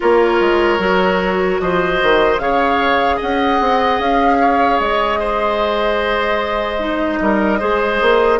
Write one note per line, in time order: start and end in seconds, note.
0.00 0.40 A#3
0.00 0.79 F4
0.00 1.61 A#4
0.00 1.60 C#5
0.40 0.79 G#3
0.79 1.59 F#3
0.79 2.39 F#4
1.60 2.00 F3
1.60 2.42 C5
1.60 2.38 D#5
2.02 2.39 D#3
2.38 3.19 C#3
2.38 6.79 G#4
2.38 3.16 C#5
2.38 3.18 F5
3.16 3.60 C#4
3.16 4.36 D#5
3.16 4.00 F#5
3.60 3.99 C4
3.99 4.79 C#4
3.99 4.79 F5
4.40 5.19 C#5
4.79 7.20 G#3
4.79 8.39 D#5
5.19 7.19 C5
6.79 7.59 D#4
7.20 7.60 G3
7.20 7.59 A#4
7.59 8.01 G#3
7.59 8.39 G#4
7.59 8.39 C5
8.01 8.39 A#3